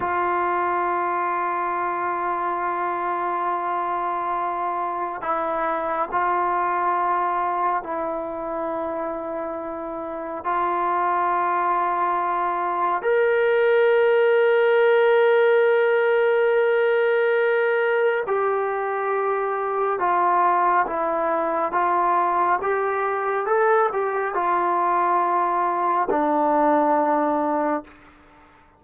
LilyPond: \new Staff \with { instrumentName = "trombone" } { \time 4/4 \tempo 4 = 69 f'1~ | f'2 e'4 f'4~ | f'4 e'2. | f'2. ais'4~ |
ais'1~ | ais'4 g'2 f'4 | e'4 f'4 g'4 a'8 g'8 | f'2 d'2 | }